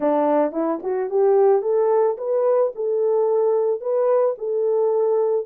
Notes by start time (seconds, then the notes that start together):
0.00 D4
0.52 E4
0.82 F#4
1.10 G4
1.62 A4
2.17 B4
2.75 A4
3.80 B4
4.38 A4